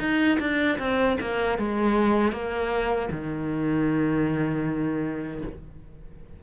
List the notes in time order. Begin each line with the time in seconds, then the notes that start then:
0.00 D#4
0.40 D4
0.79 C4
1.21 A#3
1.58 G#3
2.33 A#3
3.12 D#3